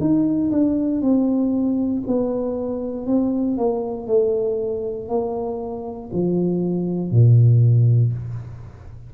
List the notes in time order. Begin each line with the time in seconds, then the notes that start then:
0.00 D#4
0.51 D4
1.01 C4
2.07 B3
3.06 C4
3.57 A#3
4.07 A3
5.08 A#3
6.12 F3
7.11 A#2